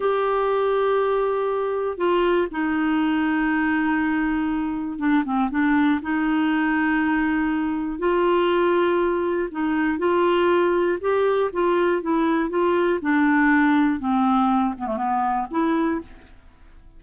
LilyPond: \new Staff \with { instrumentName = "clarinet" } { \time 4/4 \tempo 4 = 120 g'1 | f'4 dis'2.~ | dis'2 d'8 c'8 d'4 | dis'1 |
f'2. dis'4 | f'2 g'4 f'4 | e'4 f'4 d'2 | c'4. b16 a16 b4 e'4 | }